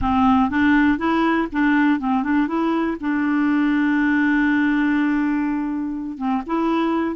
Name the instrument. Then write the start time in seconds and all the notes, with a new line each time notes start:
clarinet
0.01 C4
0.50 D4
0.97 E4
1.51 D4
1.99 C4
2.23 D4
2.47 E4
3.00 D4
6.17 C4
6.46 E4